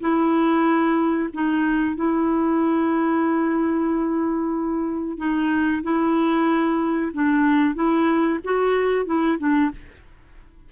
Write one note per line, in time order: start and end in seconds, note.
0.00 1.29 E4
1.33 1.96 D#4
1.96 5.18 E4
5.18 5.82 D#4
5.82 7.11 E4
7.13 7.74 D4
7.74 8.39 E4
8.44 9.05 F#4
9.05 9.38 E4
9.38 9.70 D4